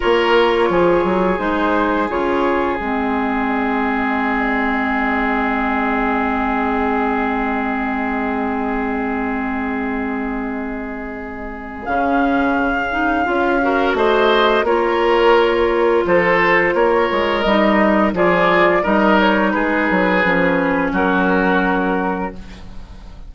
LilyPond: <<
  \new Staff \with { instrumentName = "flute" } { \time 4/4 \tempo 4 = 86 cis''2 c''4 cis''4 | dis''1~ | dis''1~ | dis''1~ |
dis''4 f''2. | dis''4 cis''2 c''4 | cis''4 dis''4 d''4 dis''8 cis''8 | b'2 ais'2 | }
  \new Staff \with { instrumentName = "oboe" } { \time 4/4 ais'4 gis'2.~ | gis'1~ | gis'1~ | gis'1~ |
gis'2.~ gis'8 ais'8 | c''4 ais'2 a'4 | ais'2 gis'4 ais'4 | gis'2 fis'2 | }
  \new Staff \with { instrumentName = "clarinet" } { \time 4/4 f'2 dis'4 f'4 | c'1~ | c'1~ | c'1~ |
c'4 cis'4. dis'8 f'8 fis'8~ | fis'4 f'2.~ | f'4 dis'4 f'4 dis'4~ | dis'4 cis'2. | }
  \new Staff \with { instrumentName = "bassoon" } { \time 4/4 ais4 f8 fis8 gis4 cis4 | gis1~ | gis1~ | gis1~ |
gis4 cis2 cis'4 | a4 ais2 f4 | ais8 gis8 g4 f4 g4 | gis8 fis8 f4 fis2 | }
>>